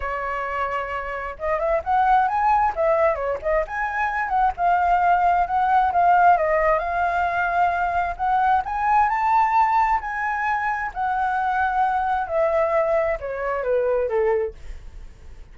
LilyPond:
\new Staff \with { instrumentName = "flute" } { \time 4/4 \tempo 4 = 132 cis''2. dis''8 e''8 | fis''4 gis''4 e''4 cis''8 dis''8 | gis''4. fis''8 f''2 | fis''4 f''4 dis''4 f''4~ |
f''2 fis''4 gis''4 | a''2 gis''2 | fis''2. e''4~ | e''4 cis''4 b'4 a'4 | }